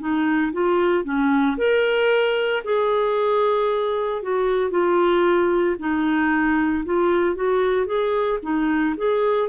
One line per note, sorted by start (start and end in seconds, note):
0.00 0.53 D#4
0.53 1.04 F4
1.04 1.57 C#4
1.58 2.63 A#4
2.64 4.22 G#4
4.22 4.71 F#4
4.71 5.76 F4
5.79 6.84 D#4
6.85 7.35 F4
7.35 7.86 F#4
7.86 8.39 G#4
8.43 8.95 D#4
8.97 9.49 G#4